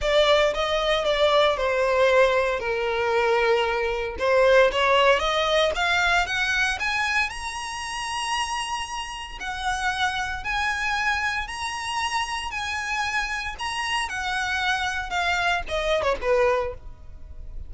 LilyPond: \new Staff \with { instrumentName = "violin" } { \time 4/4 \tempo 4 = 115 d''4 dis''4 d''4 c''4~ | c''4 ais'2. | c''4 cis''4 dis''4 f''4 | fis''4 gis''4 ais''2~ |
ais''2 fis''2 | gis''2 ais''2 | gis''2 ais''4 fis''4~ | fis''4 f''4 dis''8. cis''16 b'4 | }